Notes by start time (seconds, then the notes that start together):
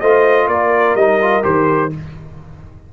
0.00 A3 F4 C5 D#5
0.47 A#3 A#4 D5
0.94 G3 D#4 D#5
1.21 F4
1.42 D#3 G4 C5